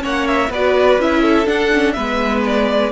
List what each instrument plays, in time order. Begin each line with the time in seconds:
0.00 cello A#3, viola C#4, violin C#5 F#5
0.28 violin E5
0.49 cello B3, viola F#4, violin B4 D5
0.98 cello C#4, viola E4, violin E5
1.22 violin A4
1.46 viola D4, cello D4, violin F#5
1.73 viola C#4
1.93 cello G#3, viola B3, violin B4 E5
2.46 violin D5